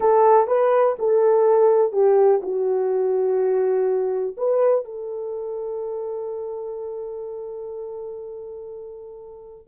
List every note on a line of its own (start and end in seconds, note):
0.00 0.47 A4
0.47 0.95 B4
0.98 1.92 A4
1.92 2.40 G4
2.42 4.35 F#4
4.37 4.85 B4
4.85 9.67 A4